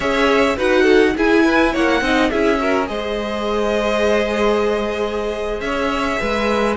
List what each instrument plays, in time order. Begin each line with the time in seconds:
0.00 cello C#4, viola G#4, violin C#5 E5
0.56 cello D#4, viola F#4, violin B4 F#5
0.82 violin A4
1.16 viola E4, cello E4, violin G#4 G#5
1.44 violin B4
1.72 cello A#3, violin C#5 F#5
2.01 cello C4, viola D#4, violin D#5
2.30 cello C#4, viola E4, violin G#4 E5
2.58 viola F#4, violin A#4
2.86 cello G#3, viola G#4, violin C5 D#5
5.60 cello C#4, violin C#5 E5
6.20 cello G#3, violin B4